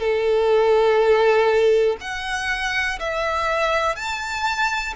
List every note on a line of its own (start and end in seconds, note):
0.00 1.97 A4
2.01 2.99 F#5
3.00 3.96 E5
3.96 4.94 A5